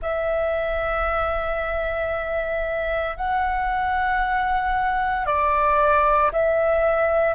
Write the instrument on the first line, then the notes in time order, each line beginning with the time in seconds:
flute
0.01 E5
3.16 F#5
5.26 D5
6.32 E5